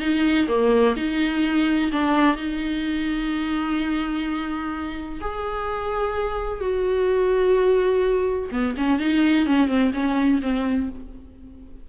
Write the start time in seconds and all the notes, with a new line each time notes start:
0.00 D#4
0.48 A#3
0.97 D#4
1.92 D4
2.36 D#4
5.21 G#4
6.60 F#4
8.52 B3
8.77 C#4
8.99 D#4
9.46 C#4
9.68 C4
9.94 C#4
10.42 C4